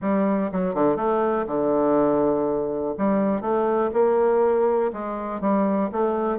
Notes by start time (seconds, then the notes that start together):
0.01 G3
0.52 F#3
0.74 D3
0.96 A3
1.46 D3
2.98 G3
3.41 A3
3.93 A#3
4.92 G#3
5.41 G3
5.92 A3